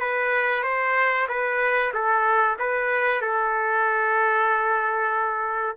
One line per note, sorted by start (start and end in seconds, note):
0.00 0.64 B4
0.64 1.27 C5
1.29 1.93 B4
1.94 2.57 A4
2.59 3.21 B4
3.21 5.77 A4